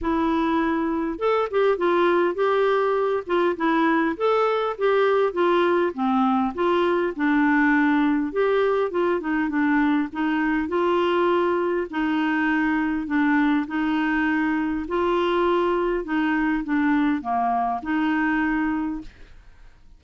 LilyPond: \new Staff \with { instrumentName = "clarinet" } { \time 4/4 \tempo 4 = 101 e'2 a'8 g'8 f'4 | g'4. f'8 e'4 a'4 | g'4 f'4 c'4 f'4 | d'2 g'4 f'8 dis'8 |
d'4 dis'4 f'2 | dis'2 d'4 dis'4~ | dis'4 f'2 dis'4 | d'4 ais4 dis'2 | }